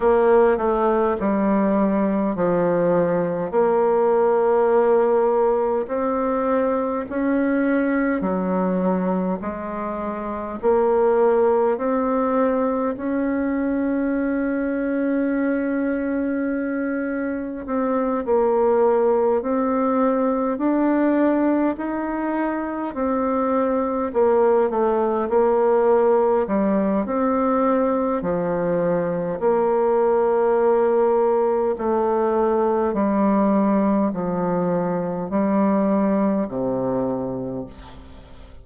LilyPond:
\new Staff \with { instrumentName = "bassoon" } { \time 4/4 \tempo 4 = 51 ais8 a8 g4 f4 ais4~ | ais4 c'4 cis'4 fis4 | gis4 ais4 c'4 cis'4~ | cis'2. c'8 ais8~ |
ais8 c'4 d'4 dis'4 c'8~ | c'8 ais8 a8 ais4 g8 c'4 | f4 ais2 a4 | g4 f4 g4 c4 | }